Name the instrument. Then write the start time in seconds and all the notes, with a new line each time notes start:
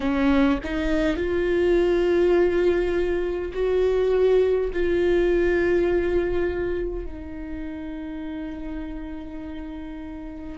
viola
0.00 C#4
0.63 D#4
1.16 F4
3.53 F#4
4.73 F4
7.05 D#4